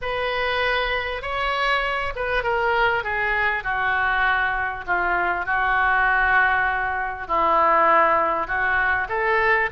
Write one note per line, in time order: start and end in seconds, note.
0.01 1.22 B4
1.22 2.13 C#5
2.15 2.43 B4
2.43 3.03 A#4
3.03 3.63 G#4
3.63 4.84 F#4
4.87 5.45 F4
5.45 7.27 F#4
7.27 8.47 E4
8.47 9.07 F#4
9.09 9.69 A4